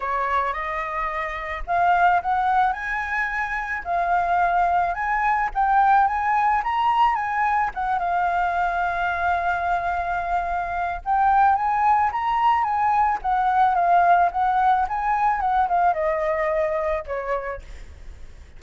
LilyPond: \new Staff \with { instrumentName = "flute" } { \time 4/4 \tempo 4 = 109 cis''4 dis''2 f''4 | fis''4 gis''2 f''4~ | f''4 gis''4 g''4 gis''4 | ais''4 gis''4 fis''8 f''4.~ |
f''1 | g''4 gis''4 ais''4 gis''4 | fis''4 f''4 fis''4 gis''4 | fis''8 f''8 dis''2 cis''4 | }